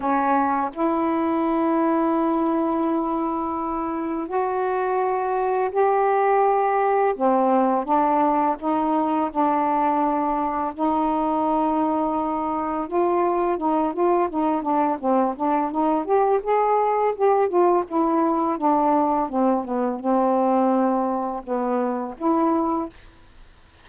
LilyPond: \new Staff \with { instrumentName = "saxophone" } { \time 4/4 \tempo 4 = 84 cis'4 e'2.~ | e'2 fis'2 | g'2 c'4 d'4 | dis'4 d'2 dis'4~ |
dis'2 f'4 dis'8 f'8 | dis'8 d'8 c'8 d'8 dis'8 g'8 gis'4 | g'8 f'8 e'4 d'4 c'8 b8 | c'2 b4 e'4 | }